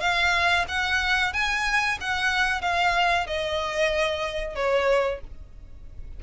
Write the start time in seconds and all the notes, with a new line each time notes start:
0.00 F5
0.68 F#5
1.33 G#5
2.00 F#5
2.61 F5
3.26 D#5
4.55 C#5